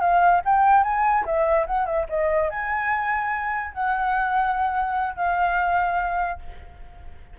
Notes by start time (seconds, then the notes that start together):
0.00 F5
0.44 G5
0.83 G#5
1.25 E5
1.66 F#5
1.85 E5
2.09 D#5
2.50 G#5
3.73 F#5
5.15 F5